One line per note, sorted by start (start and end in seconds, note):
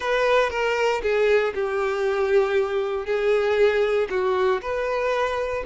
0.00 0.50 B4
0.50 1.01 A#4
1.02 1.53 G#4
1.54 3.05 G4
3.05 4.08 G#4
4.10 4.61 F#4
4.61 5.64 B4